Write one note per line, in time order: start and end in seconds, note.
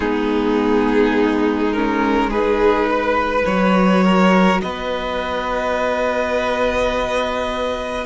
0.00 3.43 G#3
0.00 1.74 B3
0.00 2.28 D#4
0.00 1.72 G#4
1.72 2.32 C#4
1.72 2.30 A#4
2.28 3.47 D#4
2.28 2.86 G#4
2.28 3.45 B4
2.90 4.04 B4
3.45 4.61 F#3
3.45 8.05 F#4
3.45 4.61 C#5
4.04 4.61 A#4
4.61 8.05 B3
4.61 8.05 B4
4.61 8.05 D#5